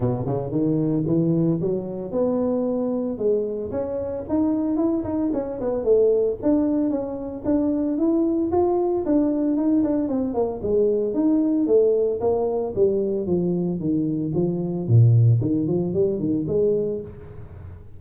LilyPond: \new Staff \with { instrumentName = "tuba" } { \time 4/4 \tempo 4 = 113 b,8 cis8 dis4 e4 fis4 | b2 gis4 cis'4 | dis'4 e'8 dis'8 cis'8 b8 a4 | d'4 cis'4 d'4 e'4 |
f'4 d'4 dis'8 d'8 c'8 ais8 | gis4 dis'4 a4 ais4 | g4 f4 dis4 f4 | ais,4 dis8 f8 g8 dis8 gis4 | }